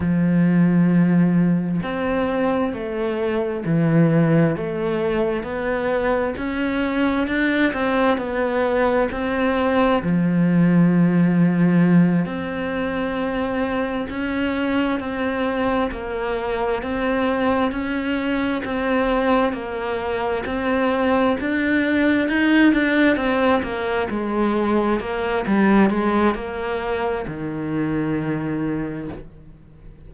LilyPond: \new Staff \with { instrumentName = "cello" } { \time 4/4 \tempo 4 = 66 f2 c'4 a4 | e4 a4 b4 cis'4 | d'8 c'8 b4 c'4 f4~ | f4. c'2 cis'8~ |
cis'8 c'4 ais4 c'4 cis'8~ | cis'8 c'4 ais4 c'4 d'8~ | d'8 dis'8 d'8 c'8 ais8 gis4 ais8 | g8 gis8 ais4 dis2 | }